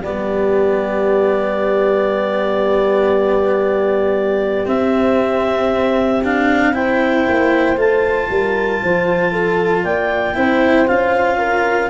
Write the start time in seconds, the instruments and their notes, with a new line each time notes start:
0.00 tuba G3, cello B3, horn G4, clarinet D5
4.66 cello C4, tuba C4, clarinet E5
6.24 cello D4, clarinet F5
6.73 cello E4, horn C5, clarinet G5
7.28 tuba A#3
7.77 tuba A3, cello F4, clarinet A5
8.30 tuba G3, horn A#4
8.83 tuba F3, horn C5
9.32 horn A4
9.84 tuba A#3, horn D5, clarinet G5
10.35 tuba C4, cello E4, horn C5
10.88 tuba C#4, cello F4, clarinet F5
11.39 horn A#4